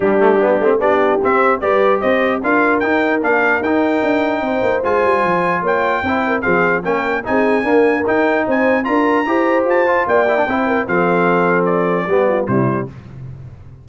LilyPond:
<<
  \new Staff \with { instrumentName = "trumpet" } { \time 4/4 \tempo 4 = 149 g'2 d''4 e''4 | d''4 dis''4 f''4 g''4 | f''4 g''2. | gis''2 g''2 |
f''4 g''4 gis''2 | g''4 gis''4 ais''2 | a''4 g''2 f''4~ | f''4 d''2 c''4 | }
  \new Staff \with { instrumentName = "horn" } { \time 4/4 d'2 g'2 | b'4 c''4 ais'2~ | ais'2. c''4~ | c''2 cis''4 c''8 ais'8 |
gis'4 ais'4 gis'4 ais'4~ | ais'4 c''4 ais'4 c''4~ | c''4 d''4 c''8 ais'8 a'4~ | a'2 g'8 f'8 e'4 | }
  \new Staff \with { instrumentName = "trombone" } { \time 4/4 g8 a8 b8 c'8 d'4 c'4 | g'2 f'4 dis'4 | d'4 dis'2. | f'2. e'4 |
c'4 cis'4 dis'4 ais4 | dis'2 f'4 g'4~ | g'8 f'4 e'16 d'16 e'4 c'4~ | c'2 b4 g4 | }
  \new Staff \with { instrumentName = "tuba" } { \time 4/4 g4. a8 b4 c'4 | g4 c'4 d'4 dis'4 | ais4 dis'4 d'4 c'8 ais8 | gis8 g8 f4 ais4 c'4 |
f4 ais4 c'4 d'4 | dis'4 c'4 d'4 e'4 | f'4 ais4 c'4 f4~ | f2 g4 c4 | }
>>